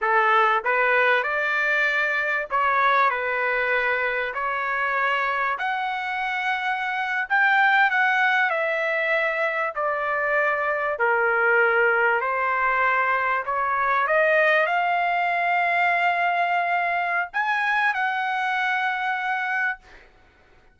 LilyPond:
\new Staff \with { instrumentName = "trumpet" } { \time 4/4 \tempo 4 = 97 a'4 b'4 d''2 | cis''4 b'2 cis''4~ | cis''4 fis''2~ fis''8. g''16~ | g''8. fis''4 e''2 d''16~ |
d''4.~ d''16 ais'2 c''16~ | c''4.~ c''16 cis''4 dis''4 f''16~ | f''1 | gis''4 fis''2. | }